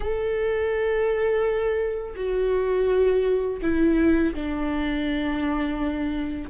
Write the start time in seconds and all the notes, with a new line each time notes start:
0.00 A4
2.16 F#4
3.61 E4
4.34 D4